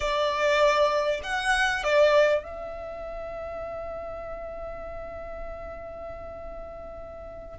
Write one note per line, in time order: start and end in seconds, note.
0.00 1.20 D5
1.23 1.83 F#5
1.83 2.43 D5
2.43 7.58 E5